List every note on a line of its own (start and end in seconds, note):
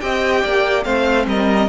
0.00 0.43 C4
0.00 0.84 G4
0.00 0.44 D#5
0.00 0.83 G5
0.44 0.85 A#3
0.44 0.85 D5
0.84 1.26 A3
0.84 1.68 C4
0.84 1.26 C5
0.84 1.25 F5
1.26 1.68 G3
1.26 1.68 A#4
1.26 1.68 D#5